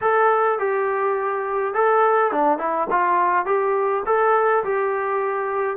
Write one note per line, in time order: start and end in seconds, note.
0.01 0.58 A4
0.58 1.74 G4
1.74 2.31 A4
2.31 2.58 D4
2.58 2.87 E4
2.90 3.45 F4
3.45 4.03 G4
4.05 4.63 A4
4.64 5.76 G4